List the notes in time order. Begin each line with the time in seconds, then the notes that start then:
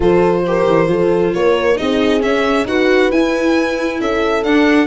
0.00 F3 F4 A4 C5
0.46 G4 A#4
0.68 E3
0.86 F3 F4 A4
1.33 A#3 A#4 C#5
1.75 C4 D#4 G#4 D#5
2.20 C#4 E5
2.64 D#4 F#4 B4 F#5
3.10 E4 G#5
4.00 C#4 A4 E5
4.43 D4 F#5